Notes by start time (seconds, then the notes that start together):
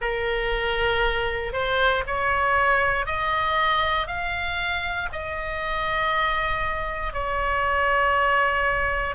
0.00 A#4
1.53 C5
2.06 C#5
3.06 D#5
4.07 F5
5.12 D#5
7.13 C#5